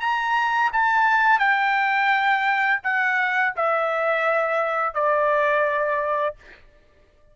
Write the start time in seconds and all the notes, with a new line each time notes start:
0.00 A#5
0.72 A5
1.39 G5
2.83 F#5
3.56 E5
4.94 D5